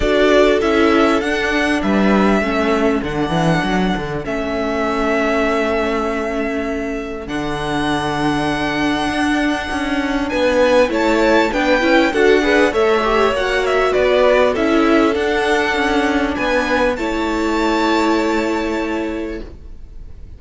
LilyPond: <<
  \new Staff \with { instrumentName = "violin" } { \time 4/4 \tempo 4 = 99 d''4 e''4 fis''4 e''4~ | e''4 fis''2 e''4~ | e''1 | fis''1~ |
fis''4 gis''4 a''4 g''4 | fis''4 e''4 fis''8 e''8 d''4 | e''4 fis''2 gis''4 | a''1 | }
  \new Staff \with { instrumentName = "violin" } { \time 4/4 a'2. b'4 | a'1~ | a'1~ | a'1~ |
a'4 b'4 cis''4 b'4 | a'8 b'8 cis''2 b'4 | a'2. b'4 | cis''1 | }
  \new Staff \with { instrumentName = "viola" } { \time 4/4 fis'4 e'4 d'2 | cis'4 d'2 cis'4~ | cis'1 | d'1~ |
d'2 e'4 d'8 e'8 | fis'8 gis'8 a'8 g'8 fis'2 | e'4 d'2. | e'1 | }
  \new Staff \with { instrumentName = "cello" } { \time 4/4 d'4 cis'4 d'4 g4 | a4 d8 e8 fis8 d8 a4~ | a1 | d2. d'4 |
cis'4 b4 a4 b8 cis'8 | d'4 a4 ais4 b4 | cis'4 d'4 cis'4 b4 | a1 | }
>>